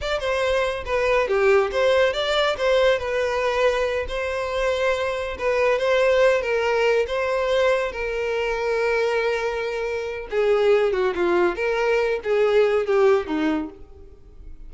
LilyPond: \new Staff \with { instrumentName = "violin" } { \time 4/4 \tempo 4 = 140 d''8 c''4. b'4 g'4 | c''4 d''4 c''4 b'4~ | b'4. c''2~ c''8~ | c''8 b'4 c''4. ais'4~ |
ais'8 c''2 ais'4.~ | ais'1 | gis'4. fis'8 f'4 ais'4~ | ais'8 gis'4. g'4 dis'4 | }